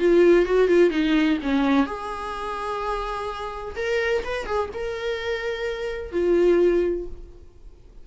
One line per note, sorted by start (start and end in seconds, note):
0.00 0.46 F4
0.46 0.68 F#4
0.68 0.91 F4
0.91 1.38 D#4
1.43 1.87 C#4
1.87 3.76 G#4
3.76 4.24 A#4
4.24 4.46 B4
4.46 4.70 G#4
4.74 6.12 A#4
6.12 7.07 F4